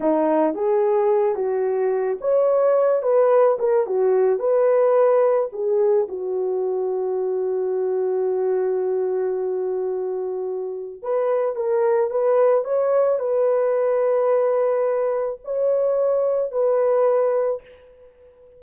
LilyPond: \new Staff \with { instrumentName = "horn" } { \time 4/4 \tempo 4 = 109 dis'4 gis'4. fis'4. | cis''4. b'4 ais'8 fis'4 | b'2 gis'4 fis'4~ | fis'1~ |
fis'1 | b'4 ais'4 b'4 cis''4 | b'1 | cis''2 b'2 | }